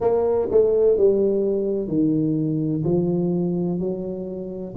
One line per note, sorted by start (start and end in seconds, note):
0.00 0.48 A#3
0.51 0.97 A3
0.97 1.87 G3
1.87 2.83 D#3
2.84 3.79 F3
3.79 4.74 F#3